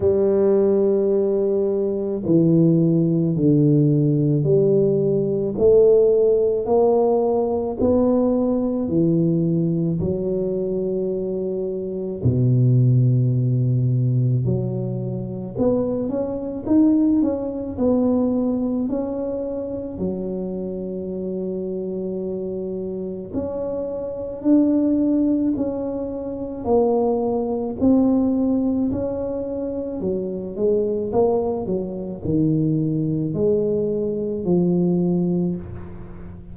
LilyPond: \new Staff \with { instrumentName = "tuba" } { \time 4/4 \tempo 4 = 54 g2 e4 d4 | g4 a4 ais4 b4 | e4 fis2 b,4~ | b,4 fis4 b8 cis'8 dis'8 cis'8 |
b4 cis'4 fis2~ | fis4 cis'4 d'4 cis'4 | ais4 c'4 cis'4 fis8 gis8 | ais8 fis8 dis4 gis4 f4 | }